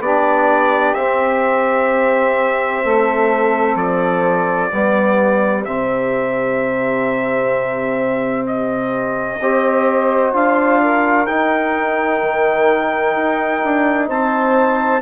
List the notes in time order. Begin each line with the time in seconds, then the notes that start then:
0.00 B3 D4 G4 D5
0.94 C4 E5
2.84 A3 A4
3.76 F3 D5
4.70 G3 B3 G4
5.65 C3 C4 E5
8.47 D#5
9.40 C4 G4 C5
10.33 D4 F4 F5
10.83 A#4
11.26 D#4 G5
12.22 D#3
13.16 D#4
13.64 D4
14.08 C4 C5 A5